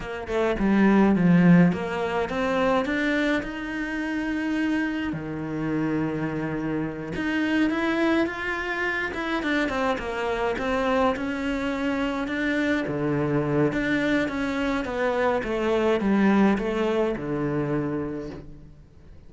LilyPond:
\new Staff \with { instrumentName = "cello" } { \time 4/4 \tempo 4 = 105 ais8 a8 g4 f4 ais4 | c'4 d'4 dis'2~ | dis'4 dis2.~ | dis8 dis'4 e'4 f'4. |
e'8 d'8 c'8 ais4 c'4 cis'8~ | cis'4. d'4 d4. | d'4 cis'4 b4 a4 | g4 a4 d2 | }